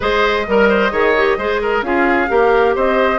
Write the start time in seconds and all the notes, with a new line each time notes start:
0.00 G#3 G#4 C5 D#5
0.47 G3 A#4
0.69 C5
0.91 D#3 G#4 C#5
1.16 G4
1.37 G#3 G#4 C5
1.61 A#4
1.82 C#4 F4 G#4 F5
2.27 A#3 G4 A#4
2.75 C4 C5 D#5